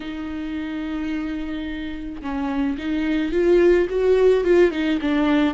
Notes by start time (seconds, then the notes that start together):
0.00 D#4
2.21 C#4
2.78 D#4
3.32 F4
3.89 F#4
4.43 F4
4.71 D#4
5.01 D4